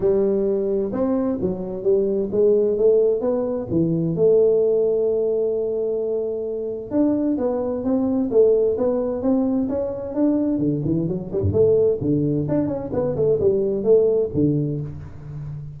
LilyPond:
\new Staff \with { instrumentName = "tuba" } { \time 4/4 \tempo 4 = 130 g2 c'4 fis4 | g4 gis4 a4 b4 | e4 a2.~ | a2. d'4 |
b4 c'4 a4 b4 | c'4 cis'4 d'4 d8 e8 | fis8 g16 g,16 a4 d4 d'8 cis'8 | b8 a8 g4 a4 d4 | }